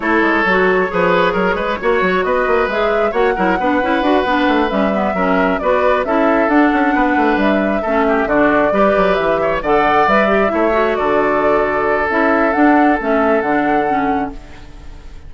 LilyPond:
<<
  \new Staff \with { instrumentName = "flute" } { \time 4/4 \tempo 4 = 134 cis''1~ | cis''4 dis''4 e''4 fis''4~ | fis''2~ fis''8 e''4.~ | e''8 d''4 e''4 fis''4.~ |
fis''8 e''2 d''4.~ | d''8 e''4 fis''4 e''4.~ | e''8 d''2~ d''8 e''4 | fis''4 e''4 fis''2 | }
  \new Staff \with { instrumentName = "oboe" } { \time 4/4 a'2 b'4 ais'8 b'8 | cis''4 b'2 cis''8 ais'8 | b'2.~ b'8 ais'8~ | ais'8 b'4 a'2 b'8~ |
b'4. a'8 g'8 fis'4 b'8~ | b'4 cis''8 d''2 cis''8~ | cis''8 a'2.~ a'8~ | a'1 | }
  \new Staff \with { instrumentName = "clarinet" } { \time 4/4 e'4 fis'4 gis'2 | fis'2 gis'4 fis'8 e'8 | d'8 e'8 fis'8 d'4 cis'8 b8 cis'8~ | cis'8 fis'4 e'4 d'4.~ |
d'4. cis'4 d'4 g'8~ | g'4. a'4 b'8 g'8 e'8 | fis'2. e'4 | d'4 cis'4 d'4 cis'4 | }
  \new Staff \with { instrumentName = "bassoon" } { \time 4/4 a8 gis8 fis4 f4 fis8 gis8 | ais8 fis8 b8 ais8 gis4 ais8 fis8 | b8 cis'8 d'8 b8 a8 g4 fis8~ | fis8 b4 cis'4 d'8 cis'8 b8 |
a8 g4 a4 d4 g8 | fis8 e4 d4 g4 a8~ | a8 d2~ d8 cis'4 | d'4 a4 d2 | }
>>